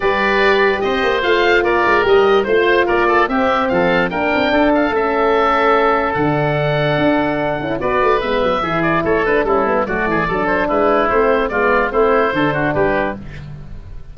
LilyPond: <<
  \new Staff \with { instrumentName = "oboe" } { \time 4/4 \tempo 4 = 146 d''2 dis''4 f''4 | d''4 dis''4 c''4 d''4 | e''4 f''4 g''4. f''8 | e''2. fis''4~ |
fis''2. d''4 | e''4. d''8 cis''8 b'8 a'4 | d''4. c''8 b'4 c''4 | d''4 c''2 b'4 | }
  \new Staff \with { instrumentName = "oboe" } { \time 4/4 b'2 c''2 | ais'2 c''4 ais'8 a'8 | g'4 a'4 ais'4 a'4~ | a'1~ |
a'2. b'4~ | b'4 gis'4 a'4 e'4 | fis'8 gis'8 a'4 e'2 | f'4 e'4 a'8 fis'8 g'4 | }
  \new Staff \with { instrumentName = "horn" } { \time 4/4 g'2. f'4~ | f'4 g'4 f'2 | c'2 d'2 | cis'2. d'4~ |
d'2~ d'8 e'8 fis'4 | b4 e'4. d'8 cis'8 b8 | a4 d'2 c'4 | b4 c'4 d'2 | }
  \new Staff \with { instrumentName = "tuba" } { \time 4/4 g2 c'8 ais8 a4 | ais8 gis8 g4 a4 ais4 | c'4 f4 ais8 c'8 d'4 | a2. d4~ |
d4 d'4. cis'8 b8 a8 | gis8 fis8 e4 a4 g4 | fis8 e8 fis4 gis4 a4 | gis4 a4 d4 g4 | }
>>